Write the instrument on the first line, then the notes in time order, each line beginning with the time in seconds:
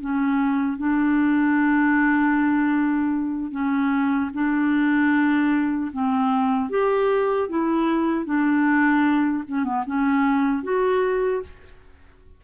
clarinet
0.00 C#4
0.78 D4
3.51 C#4
4.33 D4
5.92 C4
6.70 G4
7.49 E4
8.25 D4
9.48 C#4
9.64 B3
9.86 C#4
10.63 F#4